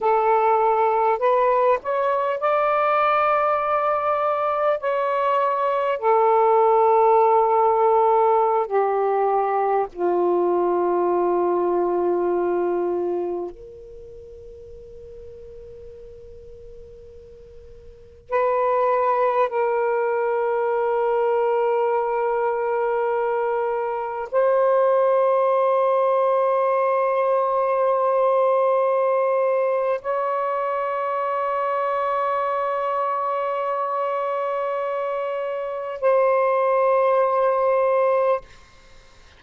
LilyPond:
\new Staff \with { instrumentName = "saxophone" } { \time 4/4 \tempo 4 = 50 a'4 b'8 cis''8 d''2 | cis''4 a'2~ a'16 g'8.~ | g'16 f'2. ais'8.~ | ais'2.~ ais'16 b'8.~ |
b'16 ais'2.~ ais'8.~ | ais'16 c''2.~ c''8.~ | c''4 cis''2.~ | cis''2 c''2 | }